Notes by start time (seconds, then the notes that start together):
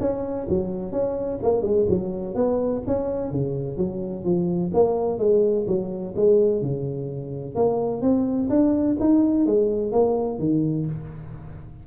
0.00 C#4
0.49 F#3
0.92 C#4
1.43 A#3
1.62 G#3
1.89 F#3
2.35 B3
2.86 C#4
3.31 C#3
3.77 F#3
4.24 F3
4.74 A#3
5.19 G#3
5.67 F#3
6.16 G#3
6.62 C#3
7.55 A#3
8.02 C4
8.50 D4
9.00 D#4
9.46 G#3
9.92 A#3
10.39 D#3